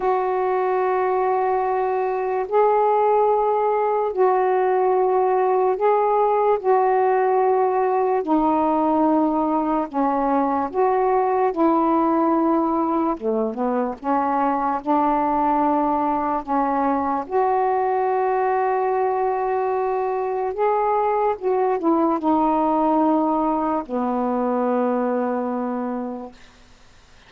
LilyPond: \new Staff \with { instrumentName = "saxophone" } { \time 4/4 \tempo 4 = 73 fis'2. gis'4~ | gis'4 fis'2 gis'4 | fis'2 dis'2 | cis'4 fis'4 e'2 |
a8 b8 cis'4 d'2 | cis'4 fis'2.~ | fis'4 gis'4 fis'8 e'8 dis'4~ | dis'4 b2. | }